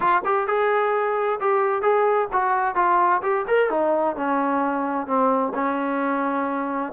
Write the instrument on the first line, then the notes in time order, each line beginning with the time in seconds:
trombone
0.00 F4
0.24 G4
0.47 G#4
1.40 G4
1.82 G#4
2.32 F#4
2.75 F4
3.22 G4
3.47 A#4
3.70 D#4
4.16 C#4
5.06 C4
5.54 C#4